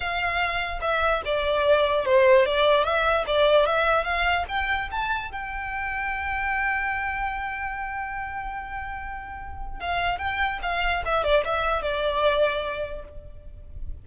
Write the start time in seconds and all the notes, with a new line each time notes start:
0.00 F5
0.81 E5
1.25 D5
2.05 C5
2.45 D5
2.84 E5
3.26 D5
3.65 E5
4.04 F5
4.48 G5
4.91 A5
5.31 G5
9.80 F5
10.18 G5
10.62 F5
11.05 E5
11.23 D5
11.45 E5
11.82 D5